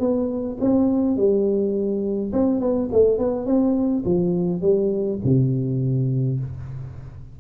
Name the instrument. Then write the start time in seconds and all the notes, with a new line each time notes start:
tuba
0.00 B3
0.61 C4
1.17 G3
2.33 C4
2.60 B3
2.93 A3
3.18 B3
3.46 C4
4.05 F3
4.62 G3
5.25 C3